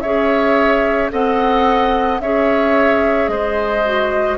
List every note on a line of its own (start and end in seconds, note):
0.00 1.12 C#4
0.00 1.10 G#4
0.00 1.11 C#5
0.00 1.09 E5
1.10 2.20 C4
1.10 2.20 A4
1.10 2.21 D#5
1.10 2.20 F#5
2.20 3.28 C#4
2.20 3.85 G#4
2.20 3.31 C#5
2.20 3.28 E5
3.28 4.37 G#3
3.28 4.37 C5
3.28 4.37 D#5
3.85 4.37 F#4